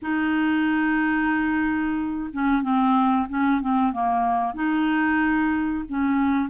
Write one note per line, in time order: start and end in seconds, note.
0.02 2.30 D#4
2.32 2.61 C#4
2.61 3.27 C4
3.28 3.60 C#4
3.60 3.92 C4
3.92 4.54 A#3
4.54 5.84 D#4
5.88 6.49 C#4